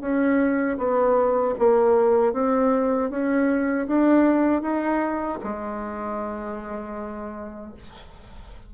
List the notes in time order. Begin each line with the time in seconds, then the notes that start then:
0.00 C#4
0.77 B3
1.58 A#3
2.33 C4
3.10 C#4
3.87 D4
4.61 D#4
5.43 G#3